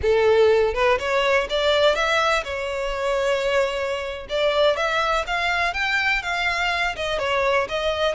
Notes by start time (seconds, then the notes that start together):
0.02 A4
0.74 B4
0.98 C#5
1.49 D5
1.95 E5
2.44 C#5
4.29 D5
4.76 E5
5.26 F5
5.73 G5
6.22 F5
6.95 D#5
7.18 C#5
7.69 D#5